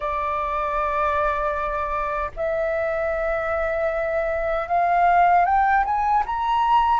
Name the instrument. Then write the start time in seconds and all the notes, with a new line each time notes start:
flute
0.00 D5
2.36 E5
4.68 F5
5.45 G5
5.84 G#5
6.26 A#5